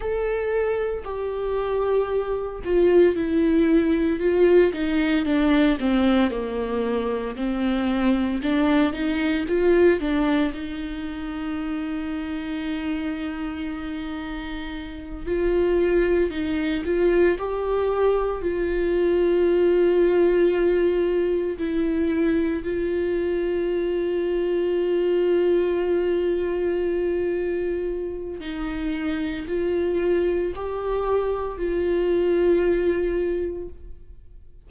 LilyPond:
\new Staff \with { instrumentName = "viola" } { \time 4/4 \tempo 4 = 57 a'4 g'4. f'8 e'4 | f'8 dis'8 d'8 c'8 ais4 c'4 | d'8 dis'8 f'8 d'8 dis'2~ | dis'2~ dis'8 f'4 dis'8 |
f'8 g'4 f'2~ f'8~ | f'8 e'4 f'2~ f'8~ | f'2. dis'4 | f'4 g'4 f'2 | }